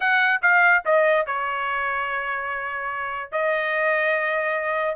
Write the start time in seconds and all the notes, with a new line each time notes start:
0.00 F#5
0.42 F5
0.85 D#5
1.26 C#5
3.31 D#5